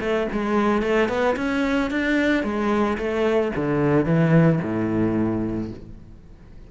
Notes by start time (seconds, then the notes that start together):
0.00 A3
0.32 G#3
0.82 A3
1.08 B3
1.36 C#4
1.90 D4
2.43 G#3
2.97 A3
3.56 D3
4.05 E3
4.62 A2